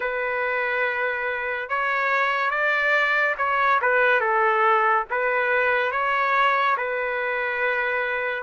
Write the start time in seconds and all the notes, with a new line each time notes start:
0.00 B4
1.69 C#5
2.50 D5
3.37 C#5
3.81 B4
4.20 A4
5.10 B4
5.92 C#5
6.77 B4